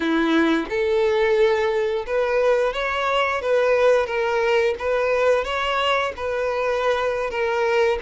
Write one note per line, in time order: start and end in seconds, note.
0.00 0.65 E4
0.69 2.05 A4
2.06 2.73 B4
2.73 3.41 C#5
3.41 4.06 B4
4.06 4.74 A#4
4.79 5.44 B4
5.44 6.12 C#5
6.16 7.30 B4
7.30 7.98 A#4